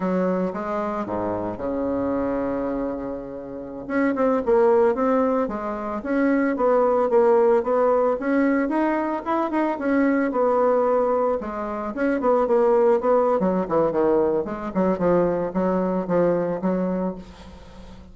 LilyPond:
\new Staff \with { instrumentName = "bassoon" } { \time 4/4 \tempo 4 = 112 fis4 gis4 gis,4 cis4~ | cis2.~ cis16 cis'8 c'16~ | c'16 ais4 c'4 gis4 cis'8.~ | cis'16 b4 ais4 b4 cis'8.~ |
cis'16 dis'4 e'8 dis'8 cis'4 b8.~ | b4~ b16 gis4 cis'8 b8 ais8.~ | ais16 b8. fis8 e8 dis4 gis8 fis8 | f4 fis4 f4 fis4 | }